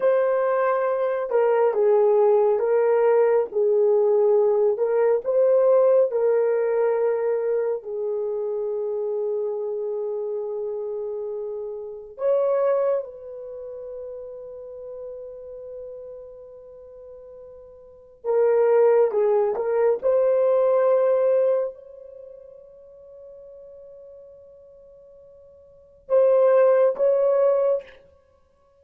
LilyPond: \new Staff \with { instrumentName = "horn" } { \time 4/4 \tempo 4 = 69 c''4. ais'8 gis'4 ais'4 | gis'4. ais'8 c''4 ais'4~ | ais'4 gis'2.~ | gis'2 cis''4 b'4~ |
b'1~ | b'4 ais'4 gis'8 ais'8 c''4~ | c''4 cis''2.~ | cis''2 c''4 cis''4 | }